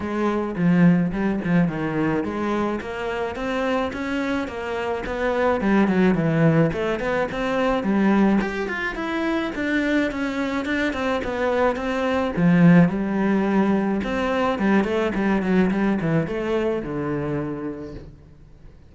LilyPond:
\new Staff \with { instrumentName = "cello" } { \time 4/4 \tempo 4 = 107 gis4 f4 g8 f8 dis4 | gis4 ais4 c'4 cis'4 | ais4 b4 g8 fis8 e4 | a8 b8 c'4 g4 g'8 f'8 |
e'4 d'4 cis'4 d'8 c'8 | b4 c'4 f4 g4~ | g4 c'4 g8 a8 g8 fis8 | g8 e8 a4 d2 | }